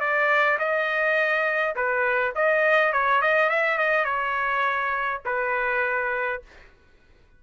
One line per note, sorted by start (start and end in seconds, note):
0.00 0.58 D5
0.59 1.75 D#5
1.76 2.34 B4
2.35 2.93 D#5
2.93 3.22 C#5
3.22 3.50 D#5
3.50 3.78 E5
3.78 4.05 D#5
4.05 5.22 C#5
5.26 6.42 B4